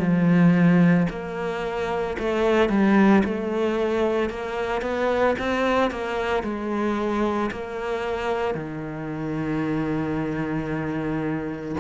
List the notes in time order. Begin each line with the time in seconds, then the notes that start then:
0.00 F3
1.10 A#3
2.19 A3
2.70 G3
3.25 A3
4.30 A#3
4.82 B3
5.39 C4
5.91 A#3
6.43 G#3
7.51 A#3
8.55 D#3